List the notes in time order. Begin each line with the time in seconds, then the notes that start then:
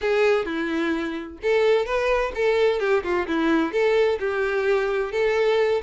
0.01 G#4
0.45 E4
1.42 A4
1.85 B4
2.34 A4
2.79 G4
3.03 F4
3.27 E4
3.72 A4
4.19 G4
5.11 A4